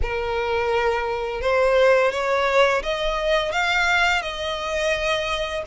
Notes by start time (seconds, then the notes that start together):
0.02 A#4
1.41 C5
2.11 C#5
2.82 D#5
3.51 F5
4.22 D#5